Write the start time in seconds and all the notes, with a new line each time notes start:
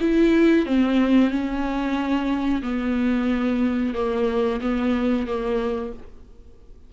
0.00 E4
0.66 C4
1.30 C#4
2.62 B3
3.94 A#3
4.60 B3
5.26 A#3